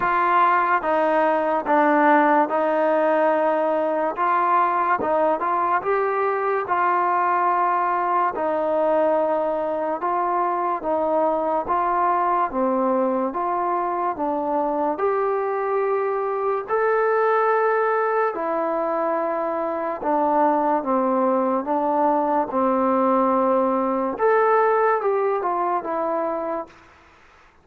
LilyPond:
\new Staff \with { instrumentName = "trombone" } { \time 4/4 \tempo 4 = 72 f'4 dis'4 d'4 dis'4~ | dis'4 f'4 dis'8 f'8 g'4 | f'2 dis'2 | f'4 dis'4 f'4 c'4 |
f'4 d'4 g'2 | a'2 e'2 | d'4 c'4 d'4 c'4~ | c'4 a'4 g'8 f'8 e'4 | }